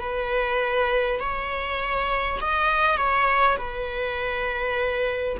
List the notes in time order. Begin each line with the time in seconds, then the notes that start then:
0.00 B4
1.19 C#5
2.41 D#5
2.97 C#5
3.57 B4